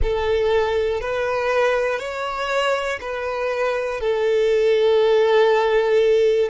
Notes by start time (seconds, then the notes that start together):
0.02 A4
1.00 B4
1.99 C#5
3.00 B4
4.00 A4